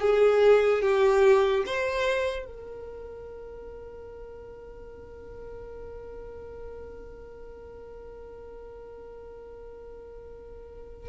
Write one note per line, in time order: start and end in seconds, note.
0.00 0.82 G#4
0.82 1.64 G4
1.66 2.45 C5
2.45 11.08 A#4